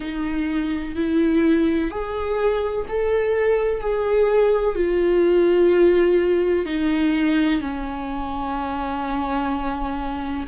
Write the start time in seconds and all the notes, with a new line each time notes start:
0.00 D#4
0.95 E4
1.90 G#4
2.88 A4
3.81 G#4
4.74 F4
6.65 D#4
7.61 C#4